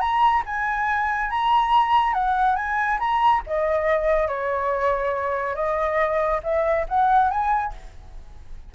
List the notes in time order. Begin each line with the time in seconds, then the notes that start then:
0.00 A#5
0.46 G#5
1.30 A#5
2.13 F#5
2.56 G#5
2.99 A#5
3.47 D#5
4.28 C#5
5.55 D#5
6.43 E5
6.88 F#5
7.31 G#5